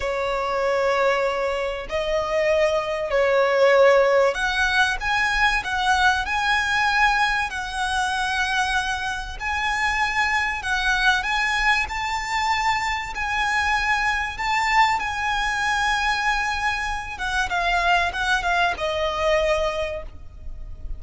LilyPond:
\new Staff \with { instrumentName = "violin" } { \time 4/4 \tempo 4 = 96 cis''2. dis''4~ | dis''4 cis''2 fis''4 | gis''4 fis''4 gis''2 | fis''2. gis''4~ |
gis''4 fis''4 gis''4 a''4~ | a''4 gis''2 a''4 | gis''2.~ gis''8 fis''8 | f''4 fis''8 f''8 dis''2 | }